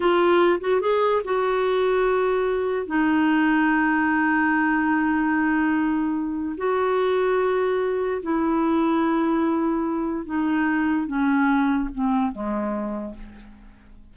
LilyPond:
\new Staff \with { instrumentName = "clarinet" } { \time 4/4 \tempo 4 = 146 f'4. fis'8 gis'4 fis'4~ | fis'2. dis'4~ | dis'1~ | dis'1 |
fis'1 | e'1~ | e'4 dis'2 cis'4~ | cis'4 c'4 gis2 | }